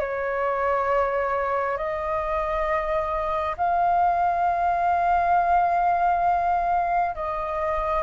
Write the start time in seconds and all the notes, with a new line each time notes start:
0.00 C#5
1.77 D#5
3.58 F5
7.16 D#5